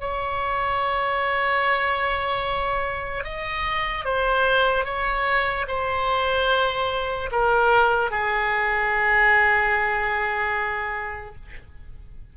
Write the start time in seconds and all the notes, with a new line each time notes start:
0.00 C#5
3.24 D#5
4.05 C5
4.85 C#5
5.68 C5
7.32 A#4
8.11 G#4